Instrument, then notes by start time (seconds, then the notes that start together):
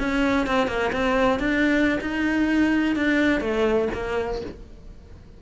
cello
0.00 C#4
0.47 C4
0.68 A#3
0.93 C4
1.40 D4
2.02 D#4
2.96 D4
3.41 A3
3.94 A#3